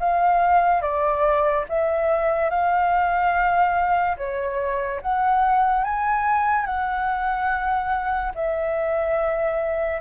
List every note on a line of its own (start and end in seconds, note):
0.00 0.82 F5
0.82 1.65 D5
1.69 2.50 E5
2.50 4.17 F5
4.17 5.01 C#5
5.02 5.84 F#5
5.84 6.66 G#5
6.66 8.33 F#5
8.35 10.01 E5